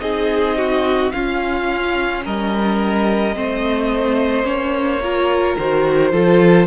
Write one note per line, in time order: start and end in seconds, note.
0.00 1.11 C4
0.00 1.12 D#4
0.00 0.58 G#4
0.00 1.11 D#5
0.58 1.13 F#4
1.11 3.34 C#4
1.11 2.26 C#4
1.11 2.24 F4
1.11 2.22 F5
2.24 3.37 G3
2.24 3.35 A#4
2.24 4.45 D#5
3.34 4.45 A3
3.34 4.44 C4
3.34 5.03 C5
4.44 5.56 A#3
4.44 5.00 C#4
4.44 5.56 C#5
5.03 5.58 F4
5.03 6.12 A#4
5.58 6.12 D#3
5.58 6.12 F#4
5.58 6.67 C5
6.12 6.67 F3
6.12 6.67 F4
6.12 6.67 A4